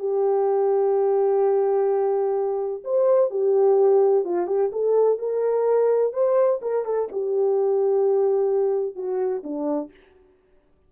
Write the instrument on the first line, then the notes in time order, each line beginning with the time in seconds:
horn
0.00 G4
2.85 C5
3.31 G4
4.25 F4
4.47 G4
4.72 A4
5.19 A#4
6.14 C5
6.62 A#4
6.85 A4
7.12 G4
8.96 F#4
9.44 D4